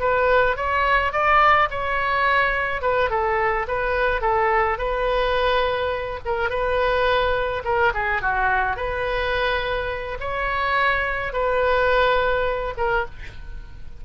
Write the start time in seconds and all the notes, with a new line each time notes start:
0.00 B4
0.57 C#5
1.12 D5
1.70 C#5
2.82 B4
3.10 A4
3.68 B4
4.21 A4
4.78 B4
6.25 A#4
6.50 B4
7.65 A#4
7.94 G#4
8.22 F#4
8.77 B4
10.20 C#5
11.33 B4
12.77 A#4